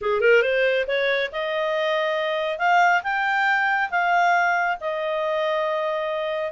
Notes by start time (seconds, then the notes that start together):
0.01 G#4
0.21 A#4
0.42 C5
0.87 C#5
1.31 D#5
2.58 F5
3.03 G5
3.90 F5
4.80 D#5